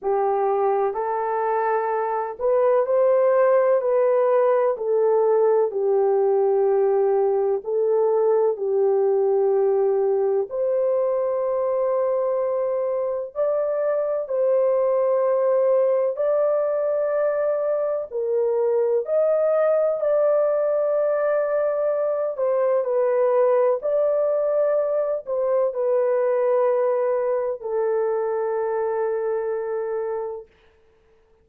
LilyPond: \new Staff \with { instrumentName = "horn" } { \time 4/4 \tempo 4 = 63 g'4 a'4. b'8 c''4 | b'4 a'4 g'2 | a'4 g'2 c''4~ | c''2 d''4 c''4~ |
c''4 d''2 ais'4 | dis''4 d''2~ d''8 c''8 | b'4 d''4. c''8 b'4~ | b'4 a'2. | }